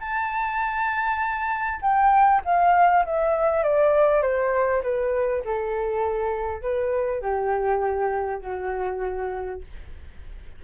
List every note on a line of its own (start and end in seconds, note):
0.00 1.80 A5
1.81 2.41 G5
2.45 3.05 F5
3.05 3.63 E5
3.63 4.22 D5
4.22 4.82 C5
4.82 5.42 B4
5.44 6.61 A4
6.61 7.21 B4
7.21 8.41 G4
8.41 9.61 F#4